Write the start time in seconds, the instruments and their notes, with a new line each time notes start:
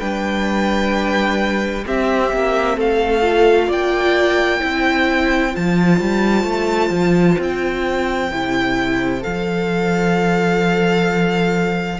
0.00 cello G3, viola D4, violin B4 G5
1.85 viola C4, cello C4, violin G4 E5
2.33 cello A#3
2.77 cello A3, violin A4 F5
3.22 viola F4
3.67 cello A#3, violin D5 G5
4.59 cello C4, viola E4, violin C5
5.52 cello F3, viola F4, violin A5
6.00 cello G3
6.44 cello A3
6.90 cello F3
7.39 cello C4, violin G5
8.31 cello C3, viola E4
9.21 cello F3, viola A4, violin F5